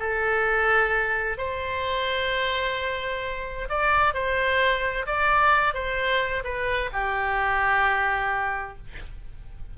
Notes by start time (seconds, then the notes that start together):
0.00 A4
1.38 C5
3.69 D5
4.14 C5
5.07 D5
5.74 C5
6.44 B4
6.93 G4